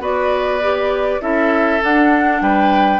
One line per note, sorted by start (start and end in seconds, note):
0.00 1.20 B3
0.00 0.60 F#4
0.00 1.22 B4
0.00 1.22 D5
0.62 1.21 G4
1.21 1.82 C#4
1.21 1.81 E4
1.21 2.42 A4
1.21 1.82 E5
1.81 3.00 D4
1.81 2.41 D4
1.81 2.43 F#5
2.41 3.00 G3
2.41 3.00 B4
2.41 3.00 G5